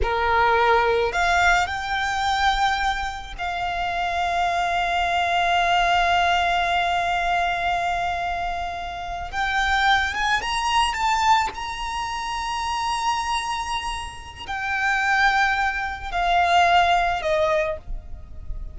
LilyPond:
\new Staff \with { instrumentName = "violin" } { \time 4/4 \tempo 4 = 108 ais'2 f''4 g''4~ | g''2 f''2~ | f''1~ | f''1~ |
f''8. g''4. gis''8 ais''4 a''16~ | a''8. ais''2.~ ais''16~ | ais''2 g''2~ | g''4 f''2 dis''4 | }